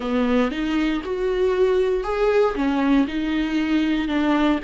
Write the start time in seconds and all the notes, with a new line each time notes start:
0.00 B3
0.51 D#4
1.03 F#4
2.03 G#4
2.55 C#4
3.07 D#4
4.08 D4